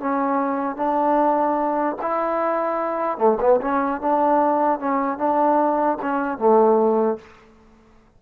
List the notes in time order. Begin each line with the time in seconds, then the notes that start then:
0.00 C#4
0.77 D4
2.02 E4
3.18 A3
3.40 B3
3.61 C#4
4.01 D4
4.79 C#4
5.18 D4
6.02 C#4
6.38 A3